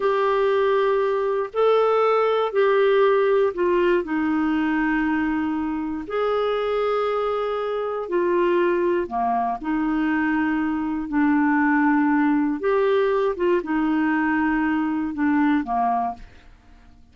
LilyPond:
\new Staff \with { instrumentName = "clarinet" } { \time 4/4 \tempo 4 = 119 g'2. a'4~ | a'4 g'2 f'4 | dis'1 | gis'1 |
f'2 ais4 dis'4~ | dis'2 d'2~ | d'4 g'4. f'8 dis'4~ | dis'2 d'4 ais4 | }